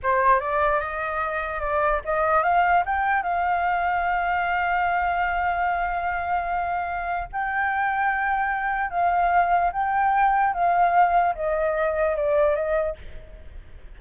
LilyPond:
\new Staff \with { instrumentName = "flute" } { \time 4/4 \tempo 4 = 148 c''4 d''4 dis''2 | d''4 dis''4 f''4 g''4 | f''1~ | f''1~ |
f''2 g''2~ | g''2 f''2 | g''2 f''2 | dis''2 d''4 dis''4 | }